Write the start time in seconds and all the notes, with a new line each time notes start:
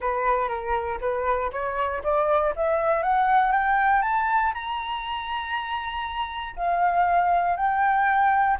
0.00 B4
0.48 A#4
1.00 B4
1.51 C#5
2.03 D5
2.56 E5
3.02 F#5
3.52 G5
4.02 A5
4.54 A#5
6.55 F5
7.56 G5